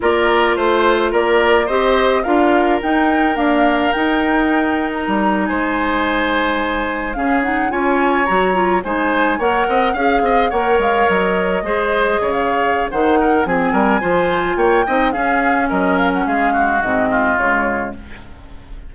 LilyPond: <<
  \new Staff \with { instrumentName = "flute" } { \time 4/4 \tempo 4 = 107 d''4 c''4 d''4 dis''4 | f''4 g''4 f''4 g''4~ | g''8. ais''4 gis''2~ gis''16~ | gis''8. f''8 fis''8 gis''4 ais''4 gis''16~ |
gis''8. fis''4 f''4 fis''8 f''8 dis''16~ | dis''2 f''4 fis''4 | gis''2 g''4 f''4 | dis''8 f''16 fis''16 f''4 dis''4 cis''4 | }
  \new Staff \with { instrumentName = "oboe" } { \time 4/4 ais'4 c''4 ais'4 c''4 | ais'1~ | ais'4.~ ais'16 c''2~ c''16~ | c''8. gis'4 cis''2 c''16~ |
c''8. cis''8 dis''8 f''8 dis''8 cis''4~ cis''16~ | cis''8. c''4 cis''4~ cis''16 c''8 ais'8 | gis'8 ais'8 c''4 cis''8 dis''8 gis'4 | ais'4 gis'8 fis'4 f'4. | }
  \new Staff \with { instrumentName = "clarinet" } { \time 4/4 f'2. g'4 | f'4 dis'4 ais4 dis'4~ | dis'1~ | dis'8. cis'8 dis'8 f'4 fis'8 f'8 dis'16~ |
dis'8. ais'4 gis'4 ais'4~ ais'16~ | ais'8. gis'2~ gis'16 dis'4 | c'4 f'4. dis'8 cis'4~ | cis'2 c'4 gis4 | }
  \new Staff \with { instrumentName = "bassoon" } { \time 4/4 ais4 a4 ais4 c'4 | d'4 dis'4 d'4 dis'4~ | dis'4 g8. gis2~ gis16~ | gis8. cis4 cis'4 fis4 gis16~ |
gis8. ais8 c'8 cis'8 c'8 ais8 gis8 fis16~ | fis8. gis4 cis4~ cis16 dis4 | f8 g8 f4 ais8 c'8 cis'4 | fis4 gis4 gis,4 cis4 | }
>>